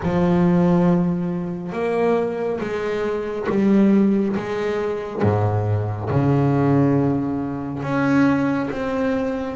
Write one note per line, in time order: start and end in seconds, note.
0.02 1.72 F3
1.72 2.59 A#3
2.60 3.47 G#3
3.49 4.36 G3
4.36 5.22 G#3
5.22 6.09 G#2
6.09 7.83 C#3
7.83 8.70 C#4
8.70 9.56 C4